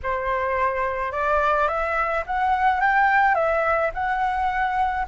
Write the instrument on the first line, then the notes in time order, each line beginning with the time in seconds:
flute
0.02 C5
1.12 D5
1.67 E5
2.26 F#5
2.80 G5
3.34 E5
3.94 F#5